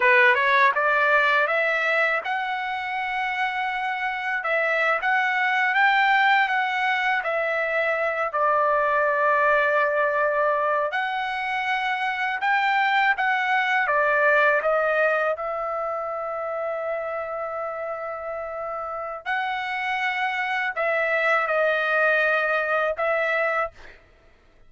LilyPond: \new Staff \with { instrumentName = "trumpet" } { \time 4/4 \tempo 4 = 81 b'8 cis''8 d''4 e''4 fis''4~ | fis''2 e''8. fis''4 g''16~ | g''8. fis''4 e''4. d''8.~ | d''2~ d''8. fis''4~ fis''16~ |
fis''8. g''4 fis''4 d''4 dis''16~ | dis''8. e''2.~ e''16~ | e''2 fis''2 | e''4 dis''2 e''4 | }